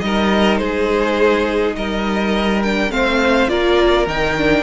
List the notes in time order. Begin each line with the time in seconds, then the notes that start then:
0.00 G3 D#4 A#4 D#5
0.57 G#3 G#4 C5
1.76 G3 A#4 D#5
2.63 D4 G5
2.90 A3 C4 C5 F5
3.48 A#3 F4 A#4 D5
4.07 D#3 D#4 G5
4.38 D4